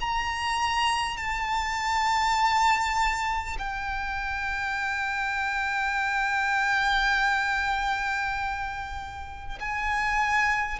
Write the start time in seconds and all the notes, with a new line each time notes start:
0.00 A#5
1.17 A5
3.58 G5
9.60 G#5